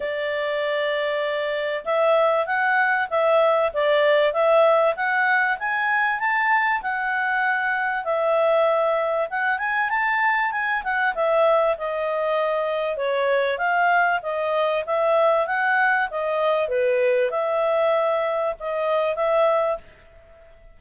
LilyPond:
\new Staff \with { instrumentName = "clarinet" } { \time 4/4 \tempo 4 = 97 d''2. e''4 | fis''4 e''4 d''4 e''4 | fis''4 gis''4 a''4 fis''4~ | fis''4 e''2 fis''8 gis''8 |
a''4 gis''8 fis''8 e''4 dis''4~ | dis''4 cis''4 f''4 dis''4 | e''4 fis''4 dis''4 b'4 | e''2 dis''4 e''4 | }